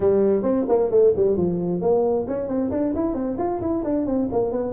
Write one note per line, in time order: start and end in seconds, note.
0.00 0.42 G3
0.42 0.65 C4
0.68 0.90 A#3
0.90 1.13 A3
1.15 1.37 G3
1.37 1.81 F3
1.81 2.26 A#3
2.27 2.48 C#4
2.48 2.70 C4
2.71 2.93 D4
2.94 3.14 E4
3.14 3.36 C4
3.38 3.60 F4
3.60 3.83 E4
3.84 4.06 D4
4.06 4.28 C4
4.31 4.51 A#3
4.51 4.73 B3